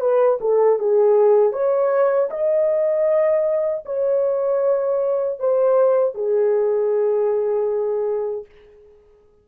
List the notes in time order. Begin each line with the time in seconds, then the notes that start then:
0.00 B4
0.40 A4
0.79 G#4
1.52 C#5
2.30 D#5
3.85 C#5
5.39 C5
6.14 G#4